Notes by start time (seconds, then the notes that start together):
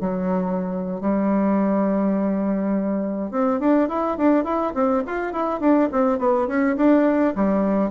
0.00 F#3
1.01 G3
3.31 C4
3.60 D4
3.88 E4
4.17 D4
4.44 E4
4.74 C4
5.07 F4
5.33 E4
5.60 D4
5.92 C4
6.19 B3
6.47 C#4
6.77 D4
7.36 G3